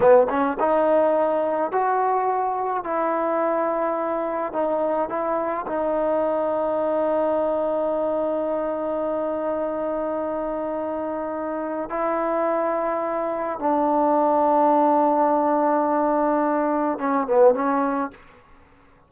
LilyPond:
\new Staff \with { instrumentName = "trombone" } { \time 4/4 \tempo 4 = 106 b8 cis'8 dis'2 fis'4~ | fis'4 e'2. | dis'4 e'4 dis'2~ | dis'1~ |
dis'1~ | dis'4 e'2. | d'1~ | d'2 cis'8 b8 cis'4 | }